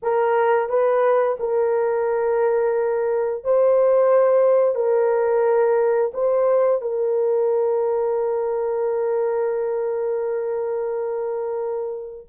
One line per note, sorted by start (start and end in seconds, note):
0.02 0.68 A#4
0.68 1.37 B4
1.39 3.44 A#4
3.44 4.75 C5
4.75 6.11 A#4
6.13 6.81 C5
6.81 12.27 A#4